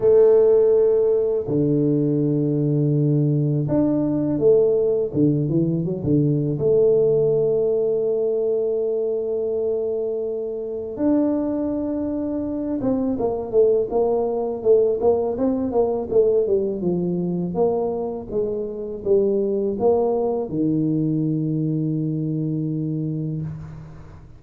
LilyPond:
\new Staff \with { instrumentName = "tuba" } { \time 4/4 \tempo 4 = 82 a2 d2~ | d4 d'4 a4 d8 e8 | fis16 d8. a2.~ | a2. d'4~ |
d'4. c'8 ais8 a8 ais4 | a8 ais8 c'8 ais8 a8 g8 f4 | ais4 gis4 g4 ais4 | dis1 | }